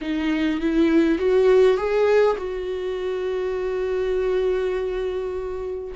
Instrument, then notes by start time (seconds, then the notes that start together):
viola
0.01 D#4
0.60 E4
1.18 F#4
1.77 G#4
2.37 F#4